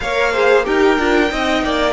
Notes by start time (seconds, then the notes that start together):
0.00 A#3 A#4 C#5 F5
0.32 G#4 C5
0.63 D#4 G4 A#4 G5
0.98 D4 F4
1.29 C4 D#4 D#5
1.63 A#3 D5